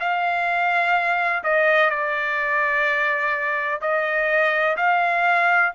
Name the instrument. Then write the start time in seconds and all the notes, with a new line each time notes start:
trumpet
0.00 F5
1.43 D#5
1.90 D5
3.81 D#5
4.77 F5